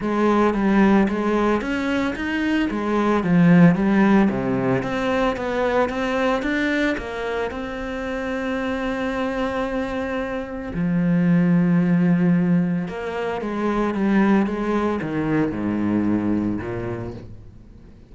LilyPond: \new Staff \with { instrumentName = "cello" } { \time 4/4 \tempo 4 = 112 gis4 g4 gis4 cis'4 | dis'4 gis4 f4 g4 | c4 c'4 b4 c'4 | d'4 ais4 c'2~ |
c'1 | f1 | ais4 gis4 g4 gis4 | dis4 gis,2 ais,4 | }